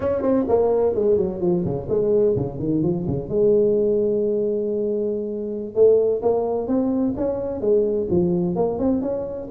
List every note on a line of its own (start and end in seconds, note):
0.00 0.22 C#4
0.22 0.45 C4
0.48 0.94 A#3
0.94 1.17 G#3
1.17 1.40 F#3
1.40 1.64 F3
1.64 1.88 C#3
1.89 2.36 G#3
2.36 2.59 C#3
2.59 2.83 D#3
2.83 3.06 F3
3.07 3.28 C#3
3.28 5.74 G#3
5.74 6.21 A3
6.22 6.67 A#3
6.67 7.14 C4
7.16 7.60 C#4
7.60 8.07 G#3
8.09 8.55 F3
8.55 8.78 A#3
8.78 9.01 C4
9.01 9.48 C#4